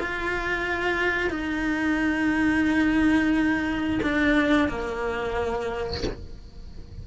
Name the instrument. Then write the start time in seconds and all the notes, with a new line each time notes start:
cello
0.00 F4
1.31 D#4
4.03 D4
4.69 A#3